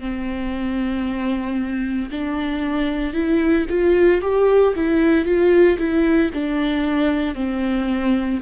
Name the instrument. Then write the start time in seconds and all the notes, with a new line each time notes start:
viola
0.00 C4
2.11 D4
3.14 E4
3.69 F4
4.22 G4
4.76 E4
5.25 F4
5.78 E4
6.34 D4
7.35 C4